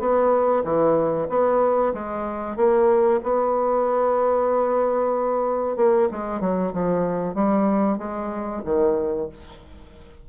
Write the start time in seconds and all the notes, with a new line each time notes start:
0.00 B3
0.64 E3
1.29 B3
1.94 G#3
2.56 A#3
3.24 B3
5.77 A#3
6.11 G#3
6.41 F#3
6.73 F3
7.35 G3
7.98 G#3
8.65 D#3